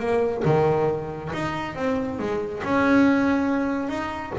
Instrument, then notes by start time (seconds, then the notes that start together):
double bass
0.00 A#3
0.45 D#3
1.34 D#4
1.76 C4
2.19 G#3
2.64 C#4
3.89 D#4